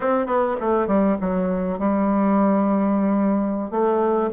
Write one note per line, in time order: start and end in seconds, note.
0.00 0.26 C4
0.26 0.56 B3
0.60 0.87 A3
0.87 1.16 G3
1.20 1.78 F#3
1.78 3.70 G3
3.70 4.30 A3